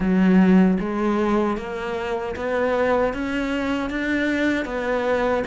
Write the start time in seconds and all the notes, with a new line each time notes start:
0.00 F#3
0.79 G#3
1.57 A#3
2.36 B3
3.13 C#4
3.90 D4
4.65 B3